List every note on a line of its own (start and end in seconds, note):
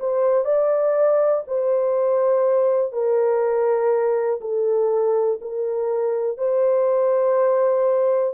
0.00 0.45 C5
0.45 1.43 D5
1.48 2.92 C5
2.92 4.40 A#4
4.41 5.39 A4
5.41 6.38 A#4
6.38 8.34 C5